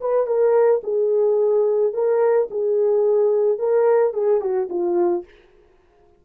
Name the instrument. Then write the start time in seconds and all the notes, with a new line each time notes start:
horn
0.00 B4
0.26 A#4
0.83 G#4
1.93 A#4
2.50 G#4
3.58 A#4
4.13 G#4
4.40 F#4
4.69 F4